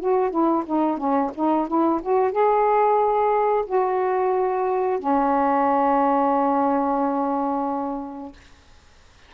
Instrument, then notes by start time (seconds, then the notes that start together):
saxophone
0.00 F#4
0.30 E4
0.66 D#4
0.97 C#4
1.35 D#4
1.68 E4
2.02 F#4
2.32 G#4
3.66 F#4
4.99 C#4